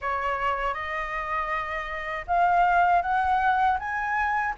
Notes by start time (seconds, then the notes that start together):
0.01 C#5
0.74 D#5
2.27 F5
3.02 F#5
3.79 G#5